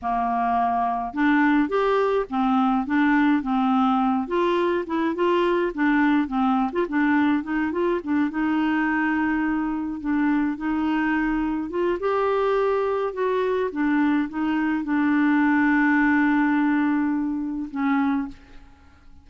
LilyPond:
\new Staff \with { instrumentName = "clarinet" } { \time 4/4 \tempo 4 = 105 ais2 d'4 g'4 | c'4 d'4 c'4. f'8~ | f'8 e'8 f'4 d'4 c'8. f'16 | d'4 dis'8 f'8 d'8 dis'4.~ |
dis'4. d'4 dis'4.~ | dis'8 f'8 g'2 fis'4 | d'4 dis'4 d'2~ | d'2. cis'4 | }